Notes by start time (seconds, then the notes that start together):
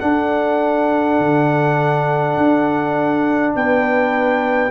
0.00 D4 A4 F#5
1.19 D3
2.37 D4
3.56 B3 B4 G5